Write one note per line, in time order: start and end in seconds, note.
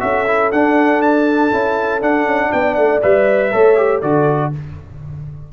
0.00 0.52 C#4
0.00 0.25 F#4
0.00 2.52 A4
0.00 0.51 E5
0.27 0.52 E4
0.52 1.52 D4
0.52 1.02 F#5
1.02 2.02 A5
1.52 2.02 C#4
1.52 2.01 E4
2.01 3.01 D4
2.01 2.26 D4
2.01 2.52 F#5
2.26 2.51 C#4
2.52 2.77 B3
2.52 3.52 D5
2.52 2.75 G5
2.75 3.02 A3
2.75 3.00 F#5
3.03 3.54 G3
3.03 3.52 B4
3.03 4.02 E5
3.52 4.03 A3
3.52 3.77 A4
3.52 4.02 C#5
3.77 4.02 G4
4.02 4.53 D3
4.02 4.53 F#4
4.02 4.52 A4
4.02 4.52 D5